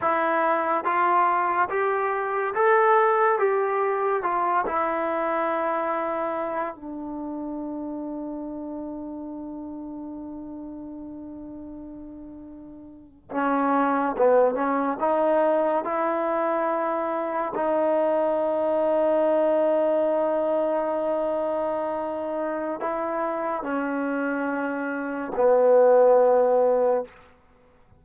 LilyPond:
\new Staff \with { instrumentName = "trombone" } { \time 4/4 \tempo 4 = 71 e'4 f'4 g'4 a'4 | g'4 f'8 e'2~ e'8 | d'1~ | d'2.~ d'8. cis'16~ |
cis'8. b8 cis'8 dis'4 e'4~ e'16~ | e'8. dis'2.~ dis'16~ | dis'2. e'4 | cis'2 b2 | }